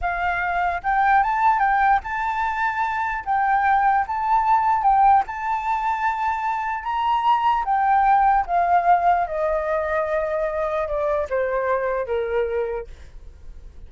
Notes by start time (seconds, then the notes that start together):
0.01 F5
0.83 G5
1.23 A5
1.59 G5
2.03 A5
3.25 G5
4.07 A5
4.82 G5
5.26 A5
6.83 A#5
7.64 G5
8.46 F5
9.27 D#5
10.87 D5
11.29 C5
12.06 A#4